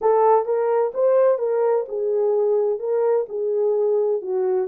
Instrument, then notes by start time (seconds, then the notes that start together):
horn
0.01 A4
0.45 A#4
0.94 C5
1.38 A#4
1.88 G#4
2.79 A#4
3.29 G#4
4.21 F#4